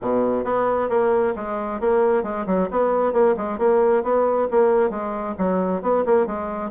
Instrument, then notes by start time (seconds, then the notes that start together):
bassoon
0.01 B2
0.44 B3
0.89 A#3
1.35 G#3
1.80 A#3
2.23 G#3
2.46 F#3
2.70 B3
3.12 A#3
3.37 G#3
3.58 A#3
4.03 B3
4.50 A#3
4.90 G#3
5.38 F#3
5.81 B3
6.05 A#3
6.26 G#3